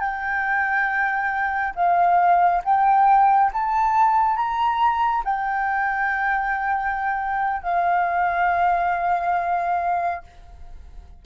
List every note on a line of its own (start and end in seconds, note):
0.00 1.74 G5
1.75 2.62 F5
2.64 3.51 G5
3.53 4.36 A5
4.36 5.23 A#5
5.25 7.62 G5
7.62 10.23 F5